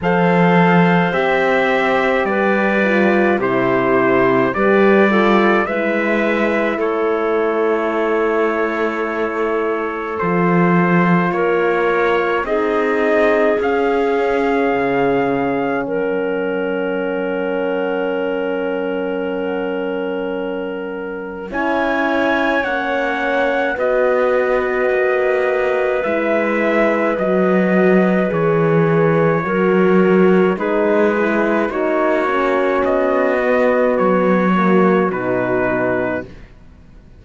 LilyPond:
<<
  \new Staff \with { instrumentName = "trumpet" } { \time 4/4 \tempo 4 = 53 f''4 e''4 d''4 c''4 | d''4 e''4 cis''2~ | cis''4 c''4 cis''4 dis''4 | f''2 fis''2~ |
fis''2. gis''4 | fis''4 dis''2 e''4 | dis''4 cis''2 b'4 | cis''4 dis''4 cis''4 b'4 | }
  \new Staff \with { instrumentName = "clarinet" } { \time 4/4 c''2 b'4 g'4 | b'8 a'8 b'4 a'2~ | a'2 ais'4 gis'4~ | gis'2 ais'2~ |
ais'2. cis''4~ | cis''4 b'2.~ | b'2 ais'4 gis'4 | fis'1 | }
  \new Staff \with { instrumentName = "horn" } { \time 4/4 a'4 g'4. f'8 e'4 | g'8 f'8 e'2.~ | e'4 f'2 dis'4 | cis'1~ |
cis'2. e'4 | cis'4 fis'2 e'4 | fis'4 gis'4 fis'4 dis'8 e'8 | dis'8 cis'4 b4 ais8 dis'4 | }
  \new Staff \with { instrumentName = "cello" } { \time 4/4 f4 c'4 g4 c4 | g4 gis4 a2~ | a4 f4 ais4 c'4 | cis'4 cis4 fis2~ |
fis2. cis'4 | ais4 b4 ais4 gis4 | fis4 e4 fis4 gis4 | ais4 b4 fis4 b,4 | }
>>